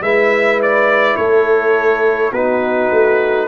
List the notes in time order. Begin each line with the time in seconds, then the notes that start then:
0.00 G#3 E4 B4 E5
0.62 D5
1.16 A3 A4 C#5
2.31 B3 D#4 F#4 B4
2.91 A3